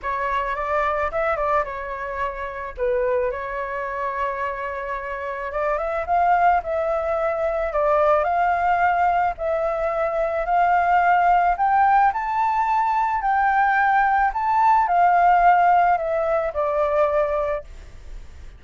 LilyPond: \new Staff \with { instrumentName = "flute" } { \time 4/4 \tempo 4 = 109 cis''4 d''4 e''8 d''8 cis''4~ | cis''4 b'4 cis''2~ | cis''2 d''8 e''8 f''4 | e''2 d''4 f''4~ |
f''4 e''2 f''4~ | f''4 g''4 a''2 | g''2 a''4 f''4~ | f''4 e''4 d''2 | }